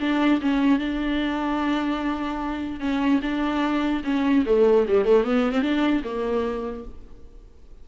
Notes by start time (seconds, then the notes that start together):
0.00 D4
0.41 C#4
0.79 D4
2.80 C#4
3.22 D4
4.04 C#4
4.46 A3
4.88 G3
5.05 A3
5.24 B3
5.52 C4
5.62 D4
6.04 A#3